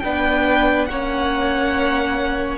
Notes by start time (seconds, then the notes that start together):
0.00 B3 D4 B4 G5
0.86 A#3 C#4 C#5 F#5